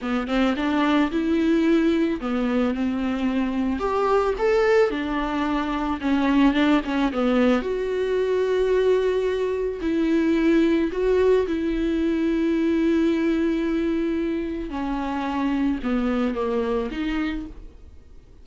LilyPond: \new Staff \with { instrumentName = "viola" } { \time 4/4 \tempo 4 = 110 b8 c'8 d'4 e'2 | b4 c'2 g'4 | a'4 d'2 cis'4 | d'8 cis'8 b4 fis'2~ |
fis'2 e'2 | fis'4 e'2.~ | e'2. cis'4~ | cis'4 b4 ais4 dis'4 | }